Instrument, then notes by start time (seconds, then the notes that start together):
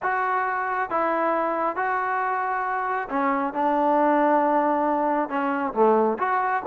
trombone
0.02 F#4
0.90 E4
1.76 F#4
3.09 C#4
3.53 D4
5.29 C#4
5.73 A3
6.18 F#4